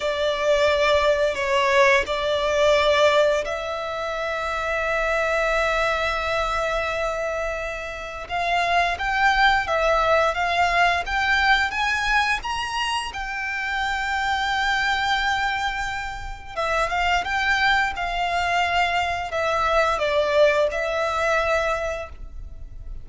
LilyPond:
\new Staff \with { instrumentName = "violin" } { \time 4/4 \tempo 4 = 87 d''2 cis''4 d''4~ | d''4 e''2.~ | e''1 | f''4 g''4 e''4 f''4 |
g''4 gis''4 ais''4 g''4~ | g''1 | e''8 f''8 g''4 f''2 | e''4 d''4 e''2 | }